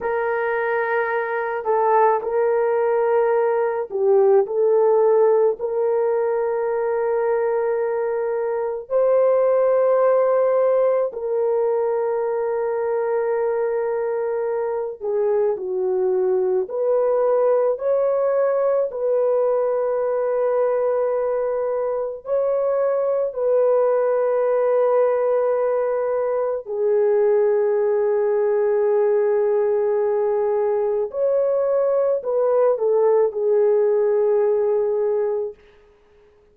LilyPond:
\new Staff \with { instrumentName = "horn" } { \time 4/4 \tempo 4 = 54 ais'4. a'8 ais'4. g'8 | a'4 ais'2. | c''2 ais'2~ | ais'4. gis'8 fis'4 b'4 |
cis''4 b'2. | cis''4 b'2. | gis'1 | cis''4 b'8 a'8 gis'2 | }